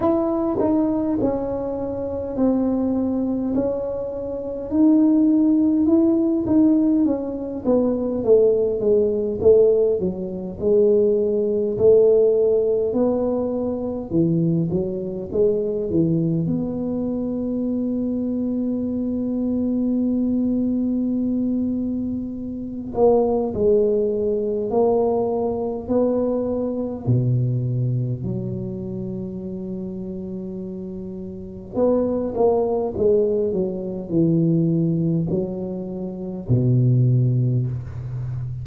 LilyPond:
\new Staff \with { instrumentName = "tuba" } { \time 4/4 \tempo 4 = 51 e'8 dis'8 cis'4 c'4 cis'4 | dis'4 e'8 dis'8 cis'8 b8 a8 gis8 | a8 fis8 gis4 a4 b4 | e8 fis8 gis8 e8 b2~ |
b2.~ b8 ais8 | gis4 ais4 b4 b,4 | fis2. b8 ais8 | gis8 fis8 e4 fis4 b,4 | }